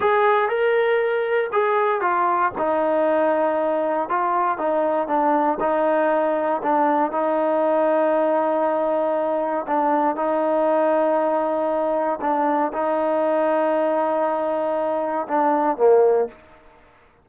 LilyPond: \new Staff \with { instrumentName = "trombone" } { \time 4/4 \tempo 4 = 118 gis'4 ais'2 gis'4 | f'4 dis'2. | f'4 dis'4 d'4 dis'4~ | dis'4 d'4 dis'2~ |
dis'2. d'4 | dis'1 | d'4 dis'2.~ | dis'2 d'4 ais4 | }